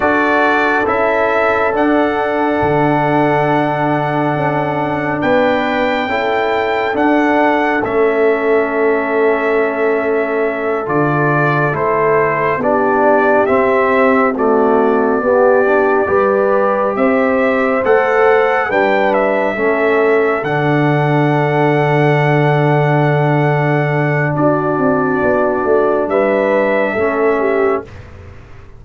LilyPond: <<
  \new Staff \with { instrumentName = "trumpet" } { \time 4/4 \tempo 4 = 69 d''4 e''4 fis''2~ | fis''2 g''2 | fis''4 e''2.~ | e''8 d''4 c''4 d''4 e''8~ |
e''8 d''2. e''8~ | e''8 fis''4 g''8 e''4. fis''8~ | fis''1 | d''2 e''2 | }
  \new Staff \with { instrumentName = "horn" } { \time 4/4 a'1~ | a'2 b'4 a'4~ | a'1~ | a'2~ a'8 g'4.~ |
g'8 fis'4 g'4 b'4 c''8~ | c''4. b'4 a'4.~ | a'1 | fis'2 b'4 a'8 g'8 | }
  \new Staff \with { instrumentName = "trombone" } { \time 4/4 fis'4 e'4 d'2~ | d'2. e'4 | d'4 cis'2.~ | cis'8 f'4 e'4 d'4 c'8~ |
c'8 a4 b8 d'8 g'4.~ | g'8 a'4 d'4 cis'4 d'8~ | d'1~ | d'2. cis'4 | }
  \new Staff \with { instrumentName = "tuba" } { \time 4/4 d'4 cis'4 d'4 d4~ | d4 cis'4 b4 cis'4 | d'4 a2.~ | a8 d4 a4 b4 c'8~ |
c'4. b4 g4 c'8~ | c'8 a4 g4 a4 d8~ | d1 | d'8 c'8 b8 a8 g4 a4 | }
>>